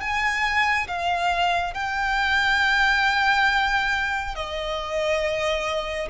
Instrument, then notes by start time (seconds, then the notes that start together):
violin
0.00 G#5
0.87 F5
1.74 G5
4.35 D#5